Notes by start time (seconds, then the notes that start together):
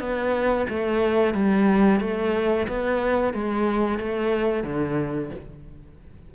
0.00 B3
0.69 A3
1.34 G3
2.00 A3
2.67 B3
3.34 G#3
3.99 A3
4.64 D3